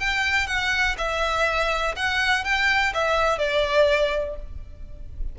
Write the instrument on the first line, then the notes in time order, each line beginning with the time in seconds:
violin
0.00 G5
0.47 F#5
0.98 E5
1.96 F#5
2.44 G5
2.94 E5
3.39 D5